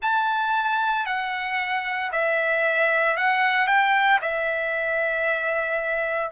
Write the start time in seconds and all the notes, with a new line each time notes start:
0.01 A5
1.05 F#5
2.11 E5
3.16 F#5
3.67 G5
4.21 E5